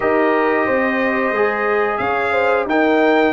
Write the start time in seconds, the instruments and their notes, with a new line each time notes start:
0.00 tuba D#4, trombone G4, horn A#4, trumpet D#5
0.66 tuba C4, horn C5
1.31 tuba G#3, trombone G#4
1.97 tuba C#4, horn C#5, trumpet F5
2.32 horn C5
2.65 tuba D#4, trombone D#4, horn A#4, trumpet G5